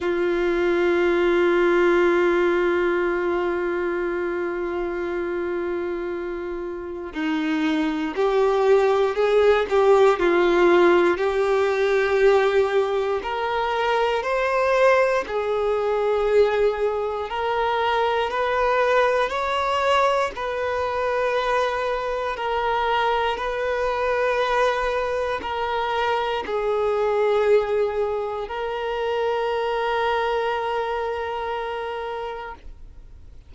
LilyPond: \new Staff \with { instrumentName = "violin" } { \time 4/4 \tempo 4 = 59 f'1~ | f'2. dis'4 | g'4 gis'8 g'8 f'4 g'4~ | g'4 ais'4 c''4 gis'4~ |
gis'4 ais'4 b'4 cis''4 | b'2 ais'4 b'4~ | b'4 ais'4 gis'2 | ais'1 | }